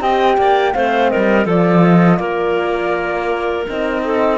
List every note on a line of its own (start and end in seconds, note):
0.00 0.37 C4
0.00 0.73 G4
0.00 0.38 D#5
0.00 0.74 G5
0.37 0.74 A#3
0.37 0.75 D5
0.73 1.12 A3
0.73 1.46 C4
0.73 1.11 C5
0.73 1.10 F5
1.10 1.46 G3
1.10 1.45 A#4
1.10 1.46 D#5
1.45 2.19 F3
1.45 3.65 F4
1.45 2.19 A4
1.45 1.84 D5
1.84 2.18 D#5
2.18 3.66 A#3
2.18 4.02 A#4
2.18 3.64 D5
3.68 4.38 C4
3.68 4.38 D#4
3.68 4.38 D#5
4.04 4.38 A4